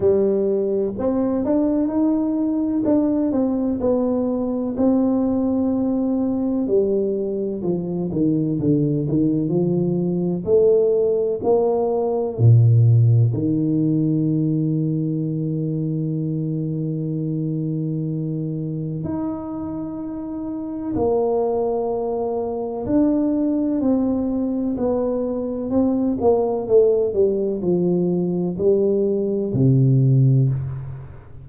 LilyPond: \new Staff \with { instrumentName = "tuba" } { \time 4/4 \tempo 4 = 63 g4 c'8 d'8 dis'4 d'8 c'8 | b4 c'2 g4 | f8 dis8 d8 dis8 f4 a4 | ais4 ais,4 dis2~ |
dis1 | dis'2 ais2 | d'4 c'4 b4 c'8 ais8 | a8 g8 f4 g4 c4 | }